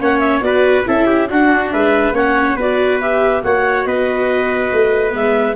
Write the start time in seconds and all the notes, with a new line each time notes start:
0.00 A#3 C#4 C#5 F#5
0.19 E5
0.40 B3 F#4 B4 D5
0.85 C#4 E4 A4 E5
1.06 G4
1.29 D4 F#4 F#5
1.71 G#3 B4 E5
2.12 A#3 C#4 C#5 F#5
2.56 B3 F#4 B4 D5
3.01 G4 E5
3.42 A#3 F#4 C#5 F#5
3.85 B3 B4 D#5
4.72 A3
5.10 G#3 B3 E5